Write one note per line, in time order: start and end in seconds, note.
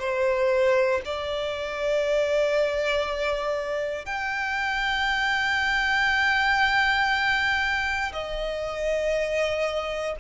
0.00 1.02 C5
1.05 4.06 D5
4.06 8.13 G5
8.13 10.16 D#5